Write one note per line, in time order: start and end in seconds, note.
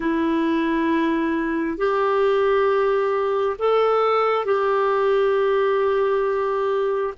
0.00 1.77 E4
1.77 3.56 G4
3.58 4.45 A4
4.45 7.14 G4